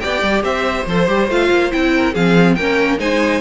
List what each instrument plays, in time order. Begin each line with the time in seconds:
0.00 cello B3, viola G4, violin D5 G5
0.22 cello G3
0.43 cello C4, violin C5 E5
0.86 cello F3, viola A4, violin C5
1.07 cello G3, viola G4
1.29 cello A3, viola F4, violin F5
1.51 cello A#3
1.71 cello C4, viola E4, violin G5
1.96 violin A#4
2.13 cello F3, viola C4, violin G#4 F5
2.55 cello A#3, viola C#4, violin A#4 G5
2.98 cello G#3, viola D#4, violin C5 G#5